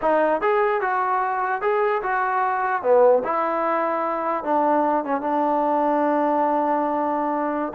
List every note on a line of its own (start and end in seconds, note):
0.01 0.41 D#4
0.41 0.81 G#4
0.81 1.61 F#4
1.61 2.01 G#4
2.02 2.82 F#4
2.82 3.22 B3
3.24 4.44 E4
4.44 5.04 D4
5.04 5.21 C#4
5.21 7.72 D4